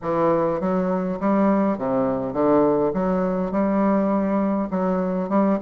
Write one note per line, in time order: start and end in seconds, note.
0.02 0.60 E3
0.60 1.19 F#3
1.20 1.78 G3
1.78 2.33 C3
2.33 2.92 D3
2.93 3.51 F#3
3.51 4.69 G3
4.70 5.29 F#3
5.29 5.58 G3